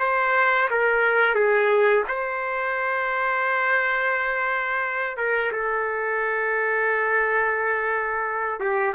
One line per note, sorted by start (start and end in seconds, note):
0.00 0.69 C5
0.71 1.35 A#4
1.35 2.04 G#4
2.08 5.17 C5
5.17 5.52 A#4
5.52 8.60 A4
8.60 8.95 G4